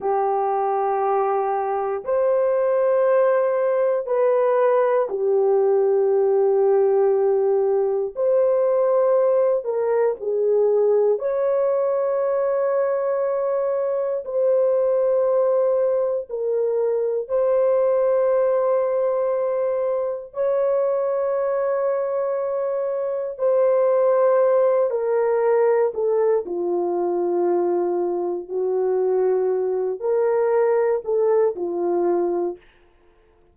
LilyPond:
\new Staff \with { instrumentName = "horn" } { \time 4/4 \tempo 4 = 59 g'2 c''2 | b'4 g'2. | c''4. ais'8 gis'4 cis''4~ | cis''2 c''2 |
ais'4 c''2. | cis''2. c''4~ | c''8 ais'4 a'8 f'2 | fis'4. ais'4 a'8 f'4 | }